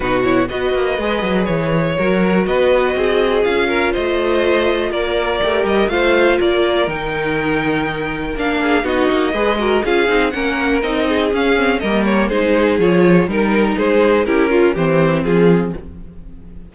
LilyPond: <<
  \new Staff \with { instrumentName = "violin" } { \time 4/4 \tempo 4 = 122 b'8 cis''8 dis''2 cis''4~ | cis''4 dis''2 f''4 | dis''2 d''4. dis''8 | f''4 d''4 g''2~ |
g''4 f''4 dis''2 | f''4 fis''4 dis''4 f''4 | dis''8 cis''8 c''4 cis''4 ais'4 | c''4 ais'4 c''4 gis'4 | }
  \new Staff \with { instrumentName = "violin" } { \time 4/4 fis'4 b'2. | ais'4 b'4 gis'4. ais'8 | c''2 ais'2 | c''4 ais'2.~ |
ais'4. gis'8 fis'4 b'8 ais'8 | gis'4 ais'4. gis'4. | ais'4 gis'2 ais'4 | gis'4 g'8 f'8 g'4 f'4 | }
  \new Staff \with { instrumentName = "viola" } { \time 4/4 dis'8 e'8 fis'4 gis'2 | fis'2. f'4~ | f'2. g'4 | f'2 dis'2~ |
dis'4 d'4 dis'4 gis'8 fis'8 | f'8 dis'8 cis'4 dis'4 cis'8 c'8 | ais4 dis'4 f'4 dis'4~ | dis'4 e'8 f'8 c'2 | }
  \new Staff \with { instrumentName = "cello" } { \time 4/4 b,4 b8 ais8 gis8 fis8 e4 | fis4 b4 c'4 cis'4 | a2 ais4 a8 g8 | a4 ais4 dis2~ |
dis4 ais4 b8 ais8 gis4 | cis'8 c'8 ais4 c'4 cis'4 | g4 gis4 f4 g4 | gis4 cis'4 e4 f4 | }
>>